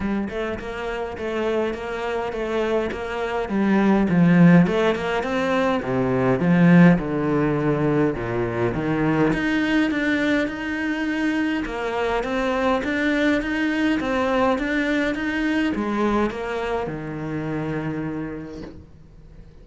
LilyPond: \new Staff \with { instrumentName = "cello" } { \time 4/4 \tempo 4 = 103 g8 a8 ais4 a4 ais4 | a4 ais4 g4 f4 | a8 ais8 c'4 c4 f4 | d2 ais,4 dis4 |
dis'4 d'4 dis'2 | ais4 c'4 d'4 dis'4 | c'4 d'4 dis'4 gis4 | ais4 dis2. | }